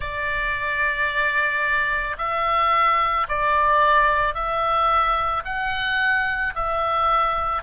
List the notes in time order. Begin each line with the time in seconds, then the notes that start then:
0.00 D5
2.18 E5
3.28 D5
4.34 E5
5.44 F#5
6.55 E5